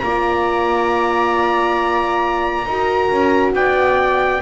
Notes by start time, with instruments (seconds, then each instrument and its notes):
0.00 double bass A#3, horn F4, viola D5, trumpet A#5
2.66 double bass D#4, horn F#4, viola A#4
3.10 double bass C#4
3.53 double bass B3, viola D5, trumpet G5